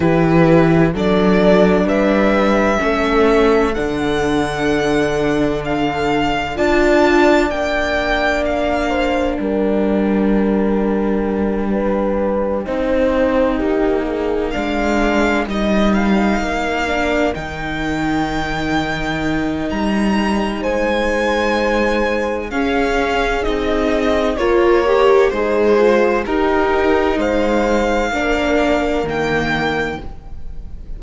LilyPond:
<<
  \new Staff \with { instrumentName = "violin" } { \time 4/4 \tempo 4 = 64 b'4 d''4 e''2 | fis''2 f''4 a''4 | g''4 f''4 g''2~ | g''2.~ g''8 f''8~ |
f''8 dis''8 f''4. g''4.~ | g''4 ais''4 gis''2 | f''4 dis''4 cis''4 c''4 | ais'4 f''2 g''4 | }
  \new Staff \with { instrumentName = "horn" } { \time 4/4 g'4 a'4 b'4 a'4~ | a'2. d''4~ | d''4. c''8 ais'2~ | ais'8 b'4 c''4 g'8 gis'8 ais'8~ |
ais'1~ | ais'2 c''2 | gis'2 ais'4 dis'8 f'8 | g'4 c''4 ais'2 | }
  \new Staff \with { instrumentName = "viola" } { \time 4/4 e'4 d'2 cis'4 | d'2. f'4 | d'1~ | d'4. dis'2 d'8~ |
d'8 dis'4. d'8 dis'4.~ | dis'1 | cis'4 dis'4 f'8 g'8 gis'4 | dis'2 d'4 ais4 | }
  \new Staff \with { instrumentName = "cello" } { \time 4/4 e4 fis4 g4 a4 | d2. d'4 | ais2 g2~ | g4. c'4 ais4 gis8~ |
gis8 g4 ais4 dis4.~ | dis4 g4 gis2 | cis'4 c'4 ais4 gis4 | dis'4 gis4 ais4 dis4 | }
>>